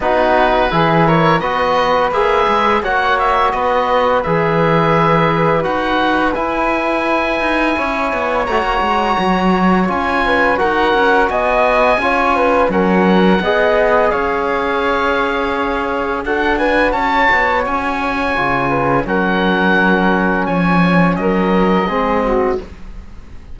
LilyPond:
<<
  \new Staff \with { instrumentName = "oboe" } { \time 4/4 \tempo 4 = 85 b'4. cis''8 dis''4 e''4 | fis''8 e''8 dis''4 e''2 | fis''4 gis''2. | ais''2 gis''4 fis''4 |
gis''2 fis''2 | f''2. fis''8 gis''8 | a''4 gis''2 fis''4~ | fis''4 gis''4 dis''2 | }
  \new Staff \with { instrumentName = "flute" } { \time 4/4 fis'4 gis'8 ais'8 b'2 | cis''4 b'2.~ | b'2. cis''4~ | cis''2~ cis''8 b'8 ais'4 |
dis''4 cis''8 b'8 ais'4 dis''4 | cis''2. a'8 b'8 | cis''2~ cis''8 b'8 ais'4~ | ais'4 cis''4 ais'4 gis'8 fis'8 | }
  \new Staff \with { instrumentName = "trombone" } { \time 4/4 dis'4 e'4 fis'4 gis'4 | fis'2 gis'2 | fis'4 e'2. | fis'2 f'4 fis'4~ |
fis'4 f'4 cis'4 gis'4~ | gis'2. fis'4~ | fis'2 f'4 cis'4~ | cis'2. c'4 | }
  \new Staff \with { instrumentName = "cello" } { \time 4/4 b4 e4 b4 ais8 gis8 | ais4 b4 e2 | dis'4 e'4. dis'8 cis'8 b8 | a16 ais16 gis8 fis4 cis'4 dis'8 cis'8 |
b4 cis'4 fis4 b4 | cis'2. d'4 | cis'8 b8 cis'4 cis4 fis4~ | fis4 f4 fis4 gis4 | }
>>